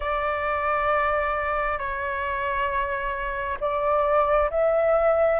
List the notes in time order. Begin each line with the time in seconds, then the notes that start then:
0.00 D5
1.78 C#5
3.60 D5
4.50 E5